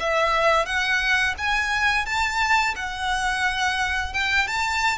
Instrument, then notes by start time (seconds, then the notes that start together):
violin
0.00 E5
0.66 F#5
1.38 G#5
2.06 A5
2.76 F#5
4.13 G5
4.47 A5